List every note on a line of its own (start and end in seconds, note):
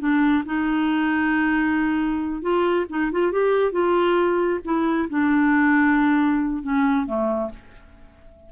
0.00 0.44 D4
0.46 2.42 D#4
2.42 2.86 F4
2.90 3.12 D#4
3.12 3.32 F4
3.32 3.72 G4
3.72 4.60 F4
4.65 5.09 E4
5.10 6.63 D4
6.63 7.07 C#4
7.07 7.51 A3